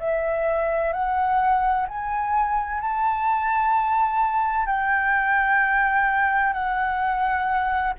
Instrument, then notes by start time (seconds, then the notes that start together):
flute
0.00 E5
0.93 F#5
1.88 G#5
2.81 A5
4.66 G5
6.53 F#5